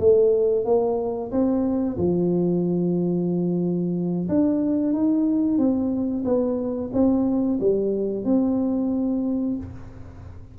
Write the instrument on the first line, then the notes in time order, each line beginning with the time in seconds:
tuba
0.00 A3
0.65 A#3
1.31 C4
1.98 F3
4.29 D4
4.93 D#4
5.58 C4
6.25 B3
6.93 C4
7.60 G3
8.25 C4